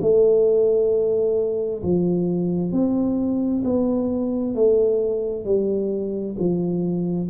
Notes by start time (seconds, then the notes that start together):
0.00 A3
1.82 F3
2.72 C4
3.64 B3
4.55 A3
5.45 G3
6.38 F3